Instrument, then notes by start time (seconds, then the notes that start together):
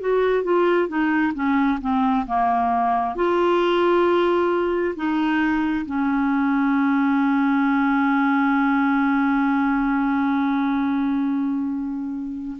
clarinet
0.00 F#4
0.44 F4
0.88 D#4
1.34 C#4
1.81 C4
2.27 A#3
3.15 F4
4.96 D#4
5.86 C#4